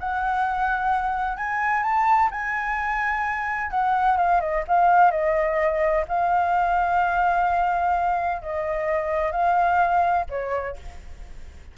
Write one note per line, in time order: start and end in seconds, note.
0.00 1.37 F#5
1.37 1.83 G#5
1.83 2.30 A5
2.31 3.71 G#5
3.71 4.18 F#5
4.18 4.41 F5
4.41 4.64 D#5
4.68 5.12 F5
5.12 6.05 D#5
6.09 8.42 F5
8.42 9.32 D#5
9.32 10.26 F5
10.30 10.77 C#5